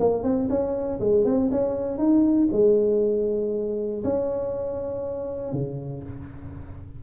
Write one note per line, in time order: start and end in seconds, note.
0.00 0.24 A#3
0.24 0.49 C4
0.50 1.00 C#4
1.00 1.25 G#3
1.25 1.51 C4
1.52 1.98 C#4
1.98 2.49 D#4
2.52 4.04 G#3
4.05 5.53 C#4
5.53 6.03 C#3